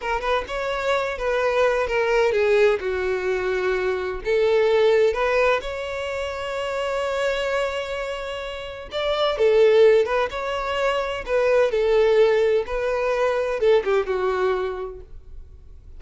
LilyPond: \new Staff \with { instrumentName = "violin" } { \time 4/4 \tempo 4 = 128 ais'8 b'8 cis''4. b'4. | ais'4 gis'4 fis'2~ | fis'4 a'2 b'4 | cis''1~ |
cis''2. d''4 | a'4. b'8 cis''2 | b'4 a'2 b'4~ | b'4 a'8 g'8 fis'2 | }